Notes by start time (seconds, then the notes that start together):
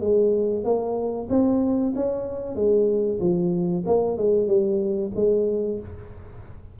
0.00 G#3
0.64 A#3
1.29 C4
1.95 C#4
2.55 G#3
3.20 F3
3.86 A#3
4.17 G#3
4.47 G3
5.15 G#3